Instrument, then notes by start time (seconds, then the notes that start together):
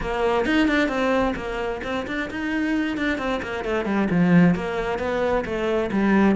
cello
0.01 A#3
0.45 D#4
0.67 D4
0.88 C4
1.36 A#3
1.83 C4
2.07 D4
2.30 D#4
2.97 D4
3.18 C4
3.42 A#3
3.64 A3
3.85 G3
4.10 F3
4.55 A#3
4.98 B3
5.45 A3
5.91 G3